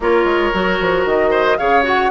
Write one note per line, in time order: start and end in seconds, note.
0.00 0.24 A#3
0.00 0.53 F4
0.00 1.30 A#4
0.00 1.06 C#5
0.24 0.50 G#3
0.53 0.79 F#3
0.53 1.58 F#4
0.80 1.05 F3
1.05 1.57 D#3
1.05 1.57 D#5
1.30 1.56 C5
1.57 2.11 C#3
1.57 1.83 G#4
1.57 2.11 C#5
1.57 1.83 F5
1.83 2.09 F#4
1.83 2.11 F#5